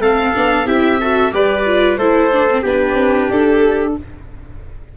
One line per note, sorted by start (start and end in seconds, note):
0.00 0.33 A3
0.00 0.34 C4
0.00 0.67 A4
0.00 0.68 F5
0.35 0.66 B3
0.35 0.66 D4
0.66 1.32 C4
0.66 0.99 E4
0.66 1.00 G4
0.66 1.34 E5
1.00 1.32 F#4
1.00 1.33 A4
1.32 1.97 G3
1.32 1.65 G4
1.32 1.99 B4
1.32 1.98 D5
1.67 2.00 F4
1.97 2.63 A3
1.97 2.32 E4
1.97 2.63 A4
1.97 2.64 C5
2.32 2.49 D4
2.51 2.65 C4
2.63 2.95 B3
2.63 3.97 D4
2.63 3.95 G4
2.63 3.31 B4
2.95 3.28 C4
3.30 3.96 D4
3.30 3.97 A4